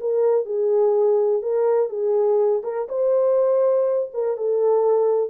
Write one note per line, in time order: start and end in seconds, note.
0.00 0.45 A#4
0.45 1.42 G#4
1.42 1.89 A#4
1.89 2.62 G#4
2.63 2.87 A#4
2.88 4.09 C5
4.13 4.37 A#4
4.37 5.30 A4